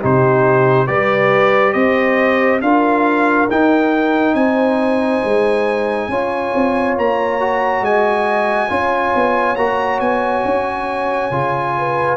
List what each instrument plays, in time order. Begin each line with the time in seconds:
0.00 tuba C3, trombone D#4, horn G4, trumpet C5
0.87 tuba G3, trombone G4, horn B4, trumpet D5
1.73 tuba C4, horn C5, trumpet D#5
2.61 tuba D4, trombone F4, horn A#4, trumpet F5
3.50 tuba D#4, trombone D#4, trumpet G5
4.34 tuba C4, horn C5, trumpet G#5
5.24 tuba G#3
6.08 tuba C#4, trombone F4, horn C#5
6.54 tuba C4
6.97 tuba A#3, trumpet A#5
7.40 trombone F#4
7.81 tuba G#3, horn D#5, trumpet G#5
8.69 tuba C#4, trombone F4, horn C#5
9.15 tuba B3
9.56 tuba A#3, trombone F#4, trumpet A#5
10.00 tuba B3, trumpet G#5
10.45 tuba C#4
11.31 tuba C#3, trombone F4
11.78 horn B4